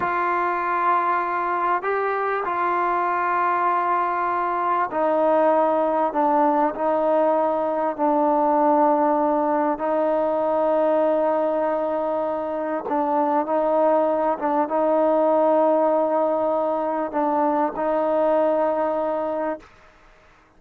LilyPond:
\new Staff \with { instrumentName = "trombone" } { \time 4/4 \tempo 4 = 98 f'2. g'4 | f'1 | dis'2 d'4 dis'4~ | dis'4 d'2. |
dis'1~ | dis'4 d'4 dis'4. d'8 | dis'1 | d'4 dis'2. | }